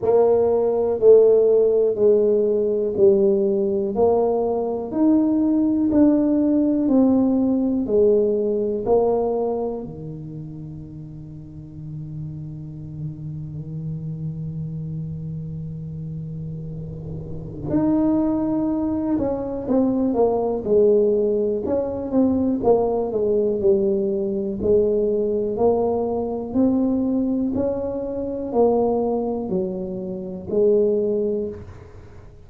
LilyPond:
\new Staff \with { instrumentName = "tuba" } { \time 4/4 \tempo 4 = 61 ais4 a4 gis4 g4 | ais4 dis'4 d'4 c'4 | gis4 ais4 dis2~ | dis1~ |
dis2 dis'4. cis'8 | c'8 ais8 gis4 cis'8 c'8 ais8 gis8 | g4 gis4 ais4 c'4 | cis'4 ais4 fis4 gis4 | }